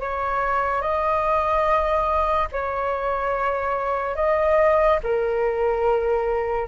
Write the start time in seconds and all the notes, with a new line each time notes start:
0.00 C#5
0.81 D#5
2.52 C#5
4.15 D#5
5.03 A#4